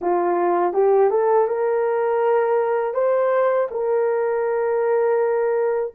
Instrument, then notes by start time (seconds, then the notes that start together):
horn
0.01 F4
0.73 G4
1.10 A4
1.47 A#4
2.94 C5
3.70 A#4